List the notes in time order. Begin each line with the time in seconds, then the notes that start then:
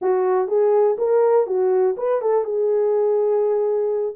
0.01 F#4
0.48 G#4
0.98 A#4
1.46 F#4
1.97 B4
2.21 A4
2.44 G#4